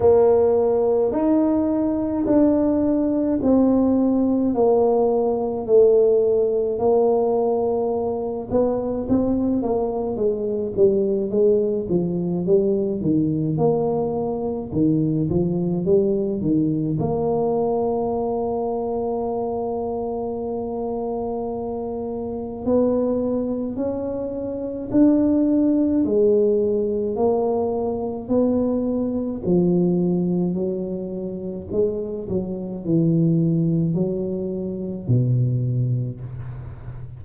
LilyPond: \new Staff \with { instrumentName = "tuba" } { \time 4/4 \tempo 4 = 53 ais4 dis'4 d'4 c'4 | ais4 a4 ais4. b8 | c'8 ais8 gis8 g8 gis8 f8 g8 dis8 | ais4 dis8 f8 g8 dis8 ais4~ |
ais1 | b4 cis'4 d'4 gis4 | ais4 b4 f4 fis4 | gis8 fis8 e4 fis4 b,4 | }